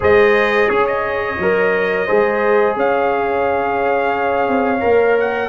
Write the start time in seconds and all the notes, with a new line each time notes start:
0.00 G#3 G#4 C5 D#5
0.68 C#4 G#4 C#5
0.86 D#5
1.38 F#3 A#4
2.06 G#3 G#4 C5
2.75 C#4 C#5 F5
4.47 C4
4.80 A#3 A#4
5.20 F#5